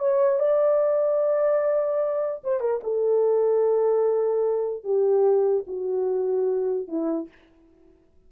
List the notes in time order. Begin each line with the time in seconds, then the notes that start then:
0.00 C#5
0.40 D5
2.44 C5
2.61 A#4
2.84 A4
4.84 G4
5.68 F#4
6.88 E4